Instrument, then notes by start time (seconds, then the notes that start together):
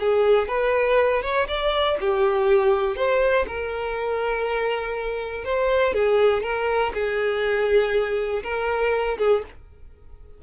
violin
0.00 G#4
0.48 B4
1.23 C#5
1.48 D5
2.01 G4
2.96 C5
3.48 A#4
5.45 C5
5.94 G#4
6.43 A#4
6.94 G#4
8.44 A#4
9.19 G#4